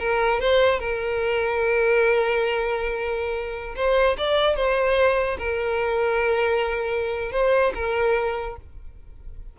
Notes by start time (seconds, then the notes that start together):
0.00 A#4
0.41 C5
0.80 A#4
3.76 C5
4.18 D5
4.56 C5
5.39 A#4
7.32 C5
7.75 A#4